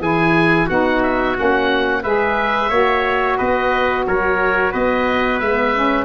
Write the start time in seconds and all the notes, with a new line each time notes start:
0.00 E3 E4 G#4 G#5
0.66 B3 D#4 F#4 F#5
1.03 E5
1.35 A#3 C#4 F#5
2.03 G#3 G#4 B4 E5
2.69 A#3 F#4 C#5
3.37 B3 B4 D#5
4.07 F#3 A#4 C#5
4.72 B3 B4 D#5
5.40 G#3 B3 E5
5.75 C#4